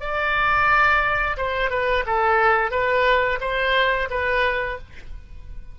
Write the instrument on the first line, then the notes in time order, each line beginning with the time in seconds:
oboe
0.00 D5
1.37 C5
1.70 B4
2.06 A4
2.71 B4
3.41 C5
4.10 B4